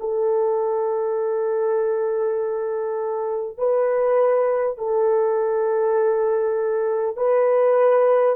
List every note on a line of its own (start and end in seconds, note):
0.00 3.58 A4
3.58 4.78 B4
4.78 7.17 A4
7.17 8.36 B4